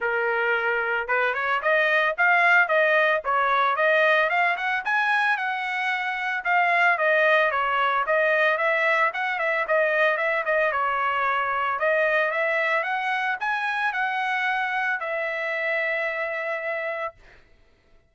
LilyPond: \new Staff \with { instrumentName = "trumpet" } { \time 4/4 \tempo 4 = 112 ais'2 b'8 cis''8 dis''4 | f''4 dis''4 cis''4 dis''4 | f''8 fis''8 gis''4 fis''2 | f''4 dis''4 cis''4 dis''4 |
e''4 fis''8 e''8 dis''4 e''8 dis''8 | cis''2 dis''4 e''4 | fis''4 gis''4 fis''2 | e''1 | }